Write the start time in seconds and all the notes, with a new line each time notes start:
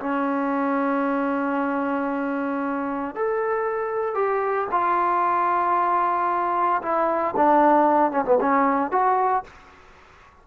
0.00 C#4
3.15 A4
4.15 G4
4.71 F4
6.82 E4
7.37 D4
8.11 C#4
8.25 B3
8.41 C#4
8.91 F#4